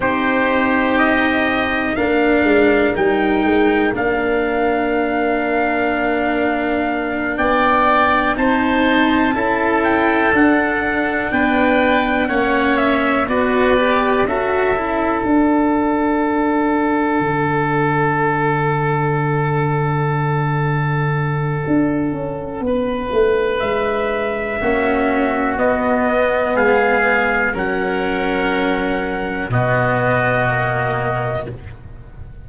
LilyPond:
<<
  \new Staff \with { instrumentName = "trumpet" } { \time 4/4 \tempo 4 = 61 c''4 dis''4 f''4 g''4 | f''2.~ f''8 g''8~ | g''8 a''4. g''8 fis''4 g''8~ | g''8 fis''8 e''8 d''4 e''4 fis''8~ |
fis''1~ | fis''1 | e''2 dis''4 f''4 | fis''2 dis''2 | }
  \new Staff \with { instrumentName = "oboe" } { \time 4/4 g'2 ais'2~ | ais'2.~ ais'8 d''8~ | d''8 c''4 a'2 b'8~ | b'8 cis''4 b'4 a'4.~ |
a'1~ | a'2. b'4~ | b'4 fis'2 gis'4 | ais'2 fis'2 | }
  \new Staff \with { instrumentName = "cello" } { \time 4/4 dis'2 d'4 dis'4 | d'1~ | d'8 dis'4 e'4 d'4.~ | d'8 cis'4 fis'8 g'8 fis'8 e'8 d'8~ |
d'1~ | d'1~ | d'4 cis'4 b2 | cis'2 b4 ais4 | }
  \new Staff \with { instrumentName = "tuba" } { \time 4/4 c'2 ais8 gis8 g8 gis8 | ais2.~ ais8 b8~ | b8 c'4 cis'4 d'4 b8~ | b8 ais4 b4 cis'4 d'8~ |
d'4. d2~ d8~ | d2 d'8 cis'8 b8 a8 | gis4 ais4 b4 gis4 | fis2 b,2 | }
>>